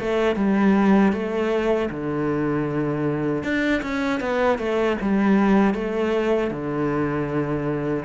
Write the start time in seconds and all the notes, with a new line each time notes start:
0.00 A3
0.36 G3
1.13 A3
1.90 D3
3.43 D4
3.83 C#4
4.20 B3
4.59 A3
5.01 G3
5.74 A3
6.51 D3